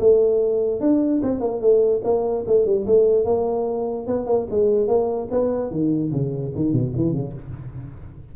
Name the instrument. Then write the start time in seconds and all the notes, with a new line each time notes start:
tuba
0.00 A3
0.81 D4
1.23 C4
1.40 A#3
1.61 A3
2.04 A#3
2.47 A3
2.66 G3
2.87 A3
3.25 A#3
4.07 B3
4.27 A#3
4.50 G#3
4.88 A#3
5.31 B3
5.71 D#3
6.12 C#3
6.55 D#3
6.73 B2
6.96 E3
7.12 C#3